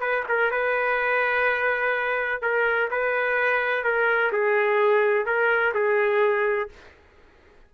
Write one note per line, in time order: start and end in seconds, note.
0.00 0.24 B4
0.29 0.51 A#4
0.51 2.42 B4
2.42 2.89 A#4
2.91 3.84 B4
3.84 4.31 A#4
4.32 5.26 G#4
5.26 5.74 A#4
5.74 6.69 G#4